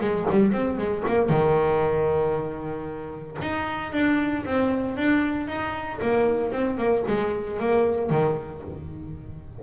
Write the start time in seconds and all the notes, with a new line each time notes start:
0.00 G#3
0.30 G3
0.52 C4
0.77 G#3
1.07 A#3
1.29 D#3
3.42 D#4
3.92 D4
4.45 C4
4.97 D4
5.47 D#4
6.02 A#3
6.52 C4
6.78 A#3
7.07 G#3
7.60 A#3
8.10 D#3